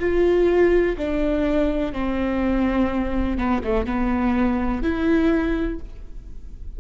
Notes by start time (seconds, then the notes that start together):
0.00 F4
0.98 D4
1.93 C4
3.38 B3
3.64 A3
3.86 B3
4.83 E4